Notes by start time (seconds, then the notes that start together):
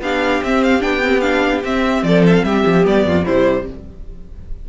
0.00 B3 D4 G4 F5
0.42 C4 E5
0.63 F5
0.80 B3 D4 G5
1.03 C4
1.20 D4 F5
1.63 C4 E5
2.02 F3 A4 D5
2.26 E5
2.34 F5
2.44 G3 G4 E5
2.66 F3
2.82 G3 B3 D5
3.04 F2 F4
3.25 C3 G3 E4 C5